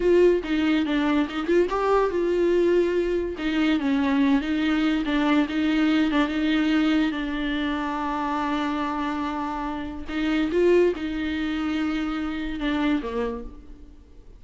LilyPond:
\new Staff \with { instrumentName = "viola" } { \time 4/4 \tempo 4 = 143 f'4 dis'4 d'4 dis'8 f'8 | g'4 f'2. | dis'4 cis'4. dis'4. | d'4 dis'4. d'8 dis'4~ |
dis'4 d'2.~ | d'1 | dis'4 f'4 dis'2~ | dis'2 d'4 ais4 | }